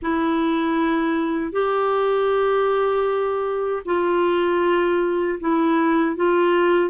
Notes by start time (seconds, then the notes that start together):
0.02 E4
1.51 G4
3.85 F4
5.40 E4
6.15 F4